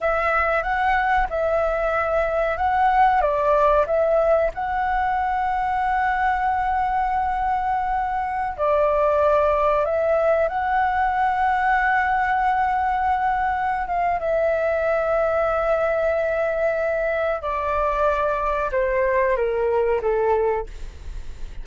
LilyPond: \new Staff \with { instrumentName = "flute" } { \time 4/4 \tempo 4 = 93 e''4 fis''4 e''2 | fis''4 d''4 e''4 fis''4~ | fis''1~ | fis''4~ fis''16 d''2 e''8.~ |
e''16 fis''2.~ fis''8.~ | fis''4. f''8 e''2~ | e''2. d''4~ | d''4 c''4 ais'4 a'4 | }